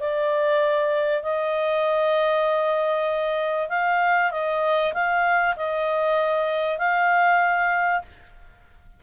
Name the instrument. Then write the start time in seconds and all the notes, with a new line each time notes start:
clarinet
0.00 D5
1.23 D#5
3.70 F5
4.32 D#5
4.94 F5
5.57 D#5
6.78 F5